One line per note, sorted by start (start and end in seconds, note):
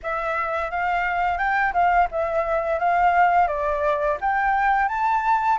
0.03 0.70 E5
0.70 1.38 F5
1.38 1.73 G5
1.73 2.08 F5
2.11 2.79 E5
2.79 3.47 F5
3.47 4.17 D5
4.21 4.88 G5
4.88 5.58 A5